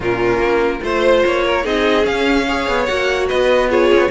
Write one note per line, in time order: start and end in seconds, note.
0.00 0.38 A#2
0.00 0.81 C#4
0.00 0.81 F4
0.00 0.83 A#4
0.38 0.79 A#3
0.81 1.24 A3
0.81 1.63 F4
0.81 1.45 C5
0.81 1.24 C5
1.25 1.65 A#3
1.25 1.65 C#5
1.45 1.64 A#4
1.63 2.06 C4
1.63 2.02 D#4
1.63 2.46 G#4
1.63 2.06 D#5
2.02 2.43 C#4
2.02 2.67 C#4
2.02 2.85 F5
2.46 2.87 G#4
2.46 3.28 C#5
2.67 2.88 B3
2.85 3.30 A#3
2.85 3.68 F#4
2.85 3.26 F#5
3.28 3.92 B3
3.28 3.69 B4
3.28 3.70 D#5
3.68 4.09 F4
3.68 4.10 G#4
3.68 4.10 C#5
3.92 3.98 C#4
3.98 4.08 B3